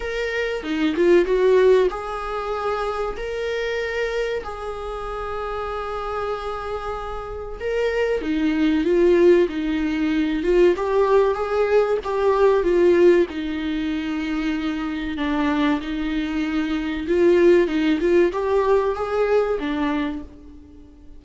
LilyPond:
\new Staff \with { instrumentName = "viola" } { \time 4/4 \tempo 4 = 95 ais'4 dis'8 f'8 fis'4 gis'4~ | gis'4 ais'2 gis'4~ | gis'1 | ais'4 dis'4 f'4 dis'4~ |
dis'8 f'8 g'4 gis'4 g'4 | f'4 dis'2. | d'4 dis'2 f'4 | dis'8 f'8 g'4 gis'4 d'4 | }